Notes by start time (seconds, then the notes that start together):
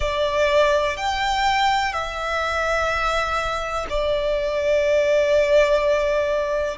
0.00 D5
0.96 G5
1.92 E5
3.89 D5